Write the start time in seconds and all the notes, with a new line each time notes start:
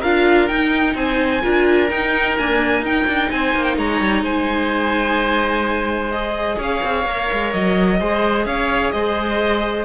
0.00 D4 F4 A#4 F5
0.48 D#4 G5
0.94 C4 C5 G#5
1.42 D4 F4 A#4
1.90 D#4 G5
2.38 A#3 D4 G#5
2.81 D#4 G5
3.07 D4
3.31 C4 C5 G#5
3.55 A#3
3.64 G5
3.77 G#3 C#5 A#5
4.00 G3
4.22 G#3 C5 G#5
6.11 G#4 D#5
6.57 C#4 C#5 F5
6.83 C4
7.05 A#3 A#4
7.32 G#3
7.53 F#3 D#5
8.00 G#3 G#4 C5
8.45 C#4 C#5 F5
8.92 G#3 C5 D#5